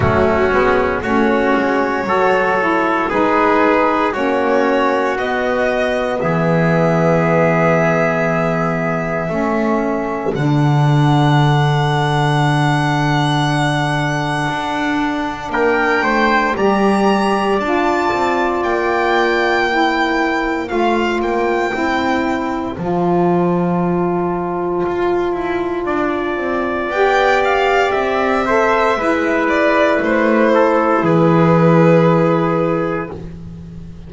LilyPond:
<<
  \new Staff \with { instrumentName = "violin" } { \time 4/4 \tempo 4 = 58 fis'4 cis''2 b'4 | cis''4 dis''4 e''2~ | e''2 fis''2~ | fis''2. g''4 |
ais''4 a''4 g''2 | f''8 g''4. a''2~ | a''2 g''8 f''8 e''4~ | e''8 d''8 c''4 b'2 | }
  \new Staff \with { instrumentName = "trumpet" } { \time 4/4 cis'4 fis'4 a'4 gis'4 | fis'2 gis'2~ | gis'4 a'2.~ | a'2. ais'8 c''8 |
d''2. c''4~ | c''1~ | c''4 d''2~ d''8 c''8 | b'4. a'8 gis'2 | }
  \new Staff \with { instrumentName = "saxophone" } { \time 4/4 a8 b8 cis'4 fis'8 e'8 dis'4 | cis'4 b2.~ | b4 cis'4 d'2~ | d'1 |
g'4 f'2 e'4 | f'4 e'4 f'2~ | f'2 g'4. a'8 | e'1 | }
  \new Staff \with { instrumentName = "double bass" } { \time 4/4 fis8 gis8 a8 gis8 fis4 gis4 | ais4 b4 e2~ | e4 a4 d2~ | d2 d'4 ais8 a8 |
g4 d'8 c'8 ais2 | a8 ais8 c'4 f2 | f'8 e'8 d'8 c'8 b4 c'4 | gis4 a4 e2 | }
>>